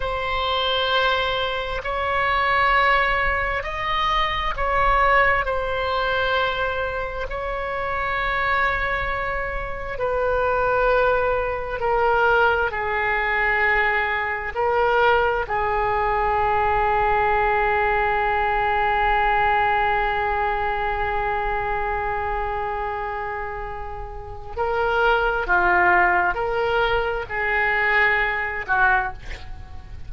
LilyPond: \new Staff \with { instrumentName = "oboe" } { \time 4/4 \tempo 4 = 66 c''2 cis''2 | dis''4 cis''4 c''2 | cis''2. b'4~ | b'4 ais'4 gis'2 |
ais'4 gis'2.~ | gis'1~ | gis'2. ais'4 | f'4 ais'4 gis'4. fis'8 | }